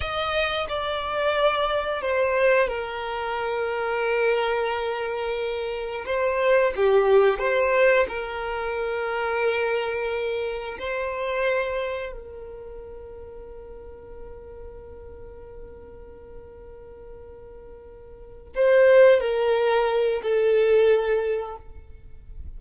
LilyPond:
\new Staff \with { instrumentName = "violin" } { \time 4/4 \tempo 4 = 89 dis''4 d''2 c''4 | ais'1~ | ais'4 c''4 g'4 c''4 | ais'1 |
c''2 ais'2~ | ais'1~ | ais'2.~ ais'8 c''8~ | c''8 ais'4. a'2 | }